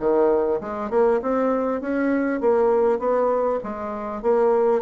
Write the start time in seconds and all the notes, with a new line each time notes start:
0.00 D#3
0.61 G#3
0.90 A#3
1.22 C4
1.81 C#4
2.41 A#3
2.99 B3
3.64 G#3
4.23 A#3